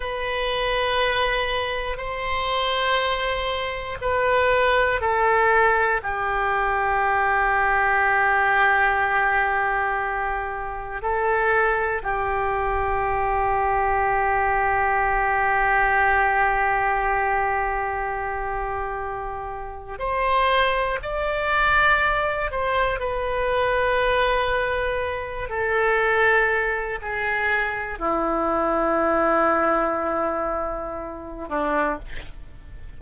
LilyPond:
\new Staff \with { instrumentName = "oboe" } { \time 4/4 \tempo 4 = 60 b'2 c''2 | b'4 a'4 g'2~ | g'2. a'4 | g'1~ |
g'1 | c''4 d''4. c''8 b'4~ | b'4. a'4. gis'4 | e'2.~ e'8 d'8 | }